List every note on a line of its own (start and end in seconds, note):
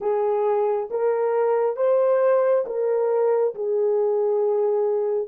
0.00 0.89 G#4
0.90 1.76 A#4
1.76 2.64 C5
2.66 3.54 A#4
3.54 5.28 G#4